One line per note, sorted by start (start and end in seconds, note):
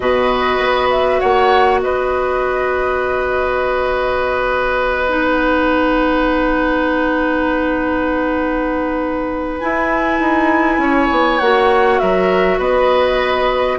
0.00 0.58 B2
0.00 5.08 F#4
0.00 1.20 B4
0.00 0.88 D#5
0.58 1.19 B3
0.90 1.20 E5
1.20 1.81 A#3
1.20 1.79 C#5
1.20 1.79 F#5
1.81 9.61 B3
1.81 10.81 B4
1.81 5.25 D#5
5.08 9.58 D#4
5.25 9.59 F#5
9.59 11.40 E4
9.59 10.19 E4
9.59 11.38 G#5
10.19 10.78 D#4
10.78 11.08 C#4
10.78 12.01 C#5
11.10 11.40 B3
11.38 12.00 A#3
11.38 13.78 F#4
11.38 11.98 F#5
11.98 12.58 F#3
11.98 12.58 A#4
11.98 12.58 E5
12.58 13.78 B3
12.58 13.78 B4
12.58 13.78 D#5